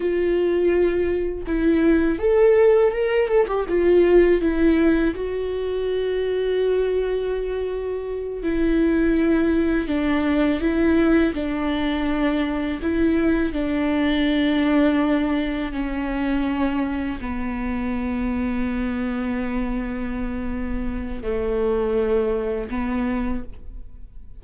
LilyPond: \new Staff \with { instrumentName = "viola" } { \time 4/4 \tempo 4 = 82 f'2 e'4 a'4 | ais'8 a'16 g'16 f'4 e'4 fis'4~ | fis'2.~ fis'8 e'8~ | e'4. d'4 e'4 d'8~ |
d'4. e'4 d'4.~ | d'4. cis'2 b8~ | b1~ | b4 a2 b4 | }